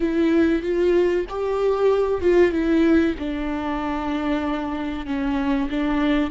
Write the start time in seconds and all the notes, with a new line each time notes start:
0.00 E4
0.62 F4
1.29 G4
2.21 F4
2.51 E4
3.18 D4
5.06 C#4
5.70 D4